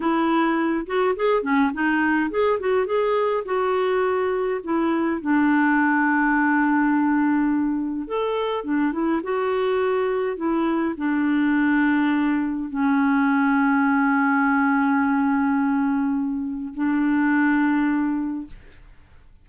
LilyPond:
\new Staff \with { instrumentName = "clarinet" } { \time 4/4 \tempo 4 = 104 e'4. fis'8 gis'8 cis'8 dis'4 | gis'8 fis'8 gis'4 fis'2 | e'4 d'2.~ | d'2 a'4 d'8 e'8 |
fis'2 e'4 d'4~ | d'2 cis'2~ | cis'1~ | cis'4 d'2. | }